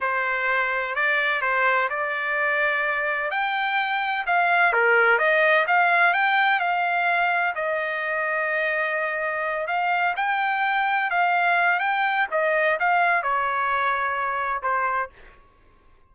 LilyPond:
\new Staff \with { instrumentName = "trumpet" } { \time 4/4 \tempo 4 = 127 c''2 d''4 c''4 | d''2. g''4~ | g''4 f''4 ais'4 dis''4 | f''4 g''4 f''2 |
dis''1~ | dis''8 f''4 g''2 f''8~ | f''4 g''4 dis''4 f''4 | cis''2. c''4 | }